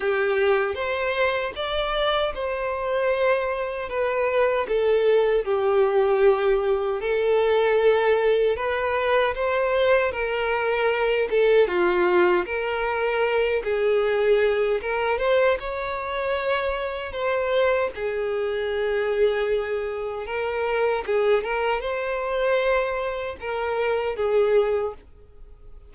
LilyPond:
\new Staff \with { instrumentName = "violin" } { \time 4/4 \tempo 4 = 77 g'4 c''4 d''4 c''4~ | c''4 b'4 a'4 g'4~ | g'4 a'2 b'4 | c''4 ais'4. a'8 f'4 |
ais'4. gis'4. ais'8 c''8 | cis''2 c''4 gis'4~ | gis'2 ais'4 gis'8 ais'8 | c''2 ais'4 gis'4 | }